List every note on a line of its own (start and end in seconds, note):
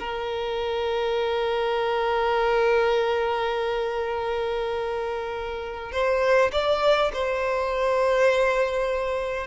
0.00 5.92 A#4
5.92 6.52 C5
6.53 7.12 D5
7.14 9.47 C5